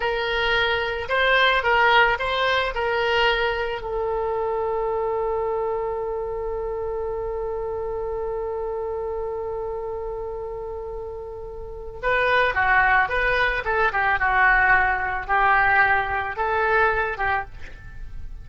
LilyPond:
\new Staff \with { instrumentName = "oboe" } { \time 4/4 \tempo 4 = 110 ais'2 c''4 ais'4 | c''4 ais'2 a'4~ | a'1~ | a'1~ |
a'1~ | a'2 b'4 fis'4 | b'4 a'8 g'8 fis'2 | g'2 a'4. g'8 | }